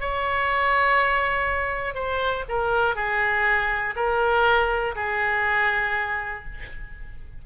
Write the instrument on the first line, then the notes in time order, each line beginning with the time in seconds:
oboe
0.00 C#5
1.94 C5
2.48 A#4
2.95 G#4
3.95 A#4
4.95 G#4